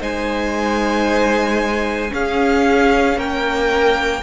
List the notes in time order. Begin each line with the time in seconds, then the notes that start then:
0.00 G#3 D#4 C5 G#5
2.09 C#4 G#4 F5
3.17 A#3 A#4 G5